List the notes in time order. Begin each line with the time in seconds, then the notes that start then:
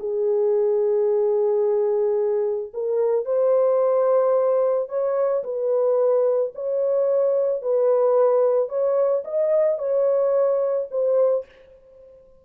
0.00 G#4
2.74 A#4
3.26 C5
4.89 C#5
5.44 B4
6.55 C#5
7.62 B4
8.69 C#5
9.25 D#5
9.79 C#5
10.91 C5